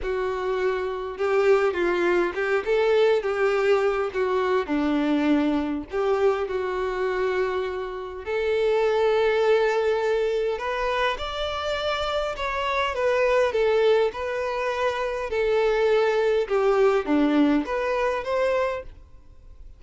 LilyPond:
\new Staff \with { instrumentName = "violin" } { \time 4/4 \tempo 4 = 102 fis'2 g'4 f'4 | g'8 a'4 g'4. fis'4 | d'2 g'4 fis'4~ | fis'2 a'2~ |
a'2 b'4 d''4~ | d''4 cis''4 b'4 a'4 | b'2 a'2 | g'4 d'4 b'4 c''4 | }